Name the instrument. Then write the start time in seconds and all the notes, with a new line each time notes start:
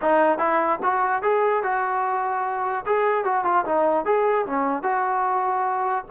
trombone
0.01 D#4
0.38 E4
0.82 F#4
1.22 G#4
1.63 F#4
2.85 G#4
3.24 F#4
3.44 F4
3.65 D#4
4.05 G#4
4.46 C#4
4.82 F#4